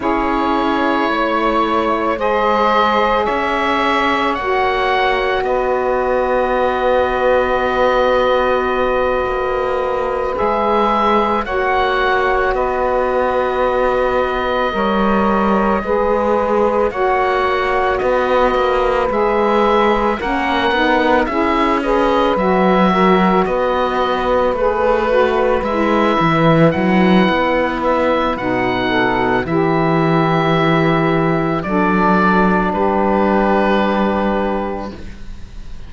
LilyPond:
<<
  \new Staff \with { instrumentName = "oboe" } { \time 4/4 \tempo 4 = 55 cis''2 dis''4 e''4 | fis''4 dis''2.~ | dis''4. e''4 fis''4 dis''8~ | dis''2.~ dis''8 fis''8~ |
fis''8 dis''4 e''4 fis''4 e''8 | dis''8 e''4 dis''4 b'4 e''8~ | e''8 fis''4 e''8 fis''4 e''4~ | e''4 d''4 b'2 | }
  \new Staff \with { instrumentName = "saxophone" } { \time 4/4 gis'4 cis''4 c''4 cis''4~ | cis''4 b'2.~ | b'2~ b'8 cis''4 b'8~ | b'4. cis''4 b'4 cis''8~ |
cis''8 b'2 ais'4 gis'8 | b'4 ais'8 b'2~ b'8~ | b'2~ b'8 a'8 g'4~ | g'4 a'4 g'2 | }
  \new Staff \with { instrumentName = "saxophone" } { \time 4/4 e'2 gis'2 | fis'1~ | fis'4. gis'4 fis'4.~ | fis'4. ais'4 gis'4 fis'8~ |
fis'4. gis'4 cis'8 dis'8 e'8 | gis'8 fis'2 gis'8 fis'8 e'8~ | e'2 dis'4 e'4~ | e'4 d'2. | }
  \new Staff \with { instrumentName = "cello" } { \time 4/4 cis'4 a4 gis4 cis'4 | ais4 b2.~ | b8 ais4 gis4 ais4 b8~ | b4. g4 gis4 ais8~ |
ais8 b8 ais8 gis4 ais8 b8 cis'8~ | cis'8 fis4 b4 a4 gis8 | e8 fis8 b4 b,4 e4~ | e4 fis4 g2 | }
>>